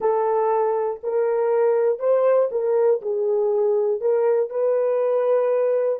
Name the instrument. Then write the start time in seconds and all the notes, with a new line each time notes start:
horn
0.00 A4
1.02 A#4
1.99 C5
2.51 A#4
3.01 G#4
4.00 A#4
4.50 B4